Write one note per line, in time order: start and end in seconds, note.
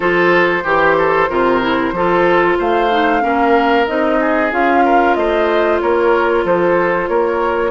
0.00 0.64 F3
0.00 0.61 F4
0.00 0.63 A4
0.00 2.57 C5
0.63 1.28 E3
0.63 0.95 G4
0.63 1.29 G4
0.98 1.29 A4
1.29 1.92 C3
1.29 1.61 F4
1.29 1.94 A#4
1.61 1.93 E4
1.92 2.56 F3
1.92 2.90 F4
1.92 2.58 A4
2.58 3.23 A3
2.58 3.22 C5
2.58 3.87 F5
2.90 3.20 D#4
3.20 3.87 A#3
3.20 3.85 C#4
3.20 4.19 A#4
3.87 4.51 C4
3.87 4.50 D#4
3.87 4.51 D#5
4.20 4.84 G#4
4.50 5.15 C#4
4.50 7.70 F4
4.50 5.14 F5
4.84 5.17 A#4
5.14 5.80 A3
5.14 5.81 C5
5.14 5.79 D#5
5.80 6.44 A#3
5.80 6.44 A#4
5.80 6.45 C#5
6.44 7.08 F3
6.44 7.09 A4
6.44 7.08 C5
7.08 7.70 A#3
7.08 7.70 A#4
7.08 7.70 C#5